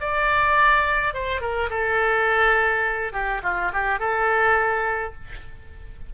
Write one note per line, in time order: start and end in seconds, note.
0.00 1.14 D5
1.14 1.41 C5
1.41 1.69 A#4
1.70 3.12 A4
3.12 3.41 G4
3.43 3.71 F4
3.73 3.99 G4
3.99 5.14 A4